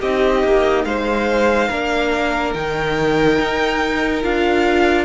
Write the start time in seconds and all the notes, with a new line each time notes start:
0.00 C4 D#4 G4 D#5
0.43 A#3
0.84 G#3 C5 F5
1.68 A#3 D4 A#4
2.54 D#3 D#4 G5
3.40 D#4
4.23 D4 F4 F5